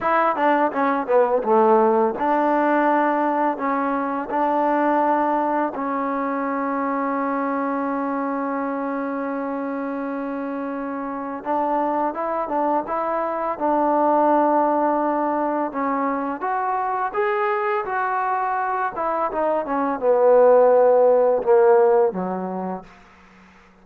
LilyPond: \new Staff \with { instrumentName = "trombone" } { \time 4/4 \tempo 4 = 84 e'8 d'8 cis'8 b8 a4 d'4~ | d'4 cis'4 d'2 | cis'1~ | cis'1 |
d'4 e'8 d'8 e'4 d'4~ | d'2 cis'4 fis'4 | gis'4 fis'4. e'8 dis'8 cis'8 | b2 ais4 fis4 | }